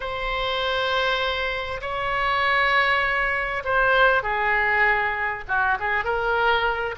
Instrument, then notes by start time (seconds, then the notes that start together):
oboe
0.00 C5
1.81 C#5
3.64 C5
4.22 G#4
5.47 F#4
5.79 G#4
6.04 A#4